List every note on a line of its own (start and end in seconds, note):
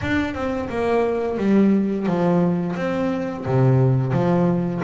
0.01 0.34 D4
0.34 0.69 C4
0.69 1.37 A#3
1.37 2.06 G3
2.06 2.75 F3
2.76 3.45 C4
3.45 4.12 C3
4.12 4.81 F3